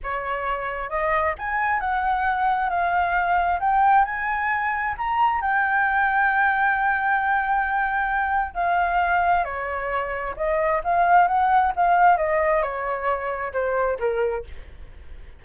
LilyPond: \new Staff \with { instrumentName = "flute" } { \time 4/4 \tempo 4 = 133 cis''2 dis''4 gis''4 | fis''2 f''2 | g''4 gis''2 ais''4 | g''1~ |
g''2. f''4~ | f''4 cis''2 dis''4 | f''4 fis''4 f''4 dis''4 | cis''2 c''4 ais'4 | }